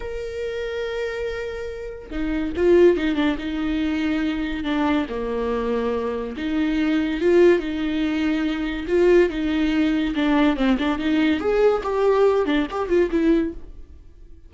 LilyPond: \new Staff \with { instrumentName = "viola" } { \time 4/4 \tempo 4 = 142 ais'1~ | ais'4 dis'4 f'4 dis'8 d'8 | dis'2. d'4 | ais2. dis'4~ |
dis'4 f'4 dis'2~ | dis'4 f'4 dis'2 | d'4 c'8 d'8 dis'4 gis'4 | g'4. d'8 g'8 f'8 e'4 | }